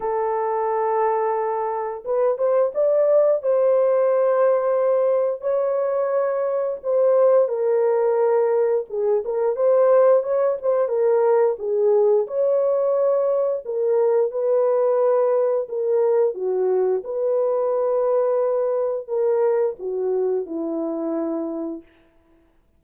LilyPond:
\new Staff \with { instrumentName = "horn" } { \time 4/4 \tempo 4 = 88 a'2. b'8 c''8 | d''4 c''2. | cis''2 c''4 ais'4~ | ais'4 gis'8 ais'8 c''4 cis''8 c''8 |
ais'4 gis'4 cis''2 | ais'4 b'2 ais'4 | fis'4 b'2. | ais'4 fis'4 e'2 | }